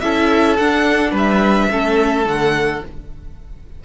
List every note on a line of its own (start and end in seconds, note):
0.00 0.58 C#4
0.00 0.59 E4
0.00 1.11 A4
0.00 0.56 E5
0.57 1.12 D4
0.57 1.71 D4
0.57 1.13 F#5
1.11 1.68 G3
1.11 1.67 B4
1.17 2.28 E5
1.71 2.25 A3
1.71 2.24 C#4
1.71 2.84 A4
2.24 2.81 D3
2.24 2.80 A3
2.24 2.84 F#5